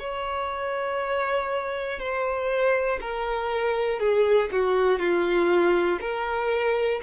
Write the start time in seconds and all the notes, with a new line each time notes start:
0.00 C#5
2.00 C5
3.01 A#4
4.00 G#4
4.52 F#4
5.00 F4
6.01 A#4